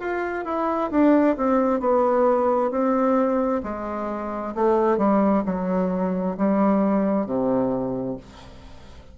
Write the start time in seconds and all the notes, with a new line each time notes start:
0.00 F4
0.45 E4
0.91 D4
1.37 C4
1.80 B3
2.71 C4
3.64 G#3
4.55 A3
4.98 G3
5.46 F#3
6.38 G3
7.26 C3